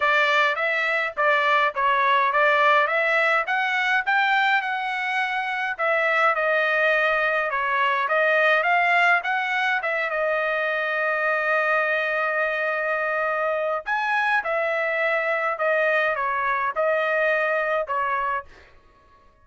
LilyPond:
\new Staff \with { instrumentName = "trumpet" } { \time 4/4 \tempo 4 = 104 d''4 e''4 d''4 cis''4 | d''4 e''4 fis''4 g''4 | fis''2 e''4 dis''4~ | dis''4 cis''4 dis''4 f''4 |
fis''4 e''8 dis''2~ dis''8~ | dis''1 | gis''4 e''2 dis''4 | cis''4 dis''2 cis''4 | }